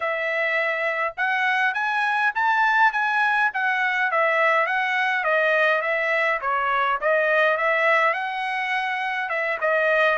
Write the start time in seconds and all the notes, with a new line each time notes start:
0.00 E5
1.17 F#5
1.74 G#5
2.35 A5
2.92 G#5
3.53 F#5
4.11 E5
4.66 F#5
5.23 D#5
5.81 E5
6.41 C#5
7.00 D#5
7.57 E5
8.13 F#5
9.29 E5
9.61 D#5